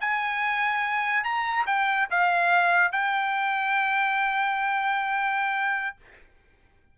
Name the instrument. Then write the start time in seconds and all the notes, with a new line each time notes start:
trumpet
0.00 G#5
1.24 A#5
1.66 G5
2.10 F5
2.92 G5